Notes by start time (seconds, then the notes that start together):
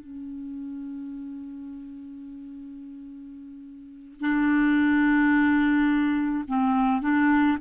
0.00 C#4
4.20 D4
6.48 C4
7.01 D4